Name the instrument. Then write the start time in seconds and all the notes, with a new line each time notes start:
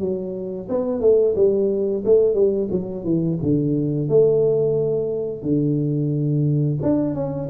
tuba
0.00 F#3
0.69 B3
1.01 A3
1.36 G3
2.05 A3
2.35 G3
2.71 F#3
3.05 E3
3.43 D3
4.09 A3
5.43 D3
6.83 D4
7.15 C#4